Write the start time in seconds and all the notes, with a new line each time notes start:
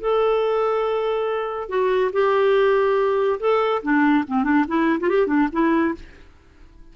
0.00 A4
1.69 F#4
2.12 G4
3.40 A4
3.82 D4
4.27 C4
4.44 D4
4.67 E4
5.00 F4
5.09 G4
5.27 D4
5.52 E4